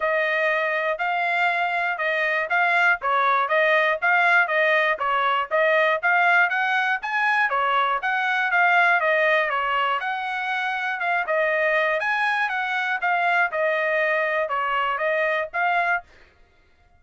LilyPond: \new Staff \with { instrumentName = "trumpet" } { \time 4/4 \tempo 4 = 120 dis''2 f''2 | dis''4 f''4 cis''4 dis''4 | f''4 dis''4 cis''4 dis''4 | f''4 fis''4 gis''4 cis''4 |
fis''4 f''4 dis''4 cis''4 | fis''2 f''8 dis''4. | gis''4 fis''4 f''4 dis''4~ | dis''4 cis''4 dis''4 f''4 | }